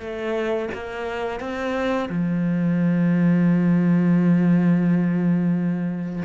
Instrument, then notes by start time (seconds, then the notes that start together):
cello
0.00 A3
0.74 A#3
1.40 C4
2.09 F3